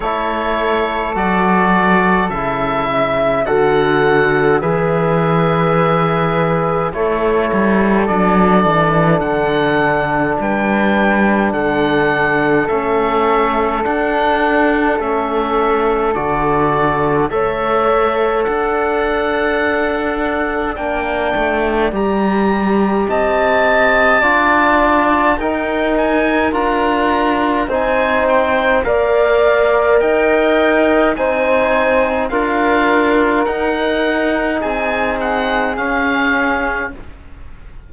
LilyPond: <<
  \new Staff \with { instrumentName = "oboe" } { \time 4/4 \tempo 4 = 52 cis''4 d''4 e''4 fis''4 | e''2 cis''4 d''4 | fis''4 g''4 fis''4 e''4 | fis''4 e''4 d''4 e''4 |
fis''2 g''4 ais''4 | a''2 g''8 gis''8 ais''4 | gis''8 g''8 f''4 g''4 gis''4 | f''4 fis''4 gis''8 fis''8 f''4 | }
  \new Staff \with { instrumentName = "flute" } { \time 4/4 a'2~ a'8 e''8 fis'4 | b'2 a'2~ | a'4 b'4 a'2~ | a'2. cis''4 |
d''1 | dis''4 d''4 ais'2 | c''4 d''4 dis''4 c''4 | ais'2 gis'2 | }
  \new Staff \with { instrumentName = "trombone" } { \time 4/4 e'4 fis'4 e'4 a'4 | gis'2 e'4 d'4~ | d'2. cis'4 | d'4 cis'4 fis'4 a'4~ |
a'2 d'4 g'4~ | g'4 f'4 dis'4 f'4 | dis'4 ais'2 dis'4 | f'4 dis'2 cis'4 | }
  \new Staff \with { instrumentName = "cello" } { \time 4/4 a4 fis4 cis4 d4 | e2 a8 g8 fis8 e8 | d4 g4 d4 a4 | d'4 a4 d4 a4 |
d'2 ais8 a8 g4 | c'4 d'4 dis'4 d'4 | c'4 ais4 dis'4 c'4 | d'4 dis'4 c'4 cis'4 | }
>>